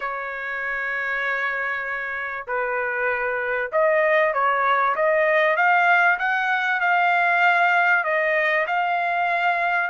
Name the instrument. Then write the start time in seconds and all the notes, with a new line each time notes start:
trumpet
0.00 C#5
2.47 B4
3.72 D#5
4.33 C#5
4.95 D#5
5.56 F5
6.18 F#5
6.80 F5
8.04 D#5
8.66 F5